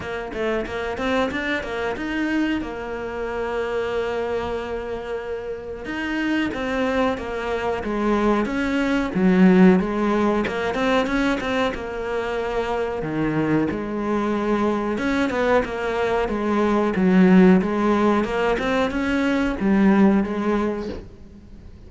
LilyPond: \new Staff \with { instrumentName = "cello" } { \time 4/4 \tempo 4 = 92 ais8 a8 ais8 c'8 d'8 ais8 dis'4 | ais1~ | ais4 dis'4 c'4 ais4 | gis4 cis'4 fis4 gis4 |
ais8 c'8 cis'8 c'8 ais2 | dis4 gis2 cis'8 b8 | ais4 gis4 fis4 gis4 | ais8 c'8 cis'4 g4 gis4 | }